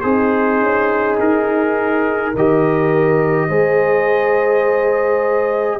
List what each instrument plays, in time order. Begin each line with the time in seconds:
0.00 tuba C4, horn D#4, trombone G#4, trumpet C5
0.61 tuba C#4
1.19 tuba D#4, trumpet A#4
2.32 tuba D#3, trombone G4, horn A#4, trumpet D#5
3.48 tuba G#3, trombone G#4, horn C5